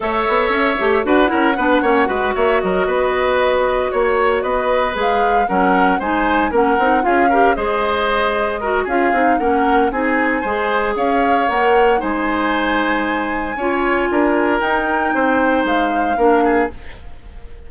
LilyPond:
<<
  \new Staff \with { instrumentName = "flute" } { \time 4/4 \tempo 4 = 115 e''2 fis''2~ | fis''8 e''8 dis''2~ dis''8 cis''8~ | cis''8 dis''4 f''4 fis''4 gis''8~ | gis''8 fis''4 f''4 dis''4.~ |
dis''4 f''4 fis''4 gis''4~ | gis''4 f''4 fis''4 gis''4~ | gis''1 | g''2 f''2 | }
  \new Staff \with { instrumentName = "oboe" } { \time 4/4 cis''2 b'8 ais'8 b'8 cis''8 | b'8 cis''8 ais'8 b'2 cis''8~ | cis''8 b'2 ais'4 c''8~ | c''8 ais'4 gis'8 ais'8 c''4.~ |
c''8 ais'8 gis'4 ais'4 gis'4 | c''4 cis''2 c''4~ | c''2 cis''4 ais'4~ | ais'4 c''2 ais'8 gis'8 | }
  \new Staff \with { instrumentName = "clarinet" } { \time 4/4 a'4. g'8 fis'8 e'8 d'8 cis'8 | fis'1~ | fis'4. gis'4 cis'4 dis'8~ | dis'8 cis'8 dis'8 f'8 g'8 gis'4.~ |
gis'8 fis'8 f'8 dis'8 cis'4 dis'4 | gis'2 ais'4 dis'4~ | dis'2 f'2 | dis'2. d'4 | }
  \new Staff \with { instrumentName = "bassoon" } { \time 4/4 a8 b8 cis'8 a8 d'8 cis'8 b8 ais8 | gis8 ais8 fis8 b2 ais8~ | ais8 b4 gis4 fis4 gis8~ | gis8 ais8 c'8 cis'4 gis4.~ |
gis4 cis'8 c'8 ais4 c'4 | gis4 cis'4 ais4 gis4~ | gis2 cis'4 d'4 | dis'4 c'4 gis4 ais4 | }
>>